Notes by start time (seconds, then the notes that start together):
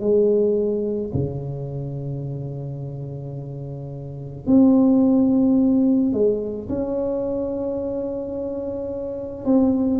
0.00 G#3
1.14 C#3
4.46 C4
6.13 G#3
6.69 C#4
9.44 C4